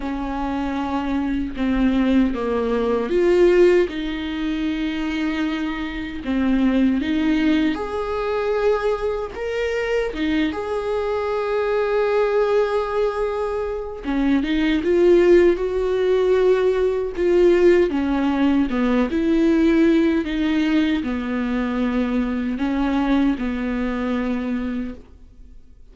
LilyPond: \new Staff \with { instrumentName = "viola" } { \time 4/4 \tempo 4 = 77 cis'2 c'4 ais4 | f'4 dis'2. | c'4 dis'4 gis'2 | ais'4 dis'8 gis'2~ gis'8~ |
gis'2 cis'8 dis'8 f'4 | fis'2 f'4 cis'4 | b8 e'4. dis'4 b4~ | b4 cis'4 b2 | }